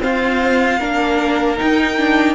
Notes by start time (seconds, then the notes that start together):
0.00 C4 F4 C5 F5
0.79 A#3 D4 A#4
1.57 D#4 G5
1.97 D4